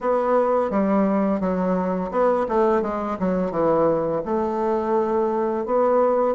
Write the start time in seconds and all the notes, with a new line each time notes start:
0.00 B3
0.70 G3
1.40 F#3
2.11 B3
2.48 A3
2.82 G#3
3.19 F#3
3.51 E3
4.25 A3
5.65 B3